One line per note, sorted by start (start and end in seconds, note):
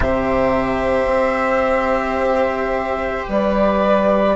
0.00 1.05 C3
0.00 4.35 G4
0.00 3.29 C5
0.00 3.26 E5
1.05 3.23 C4
3.28 4.35 G3
3.28 4.35 B4
3.28 4.35 D5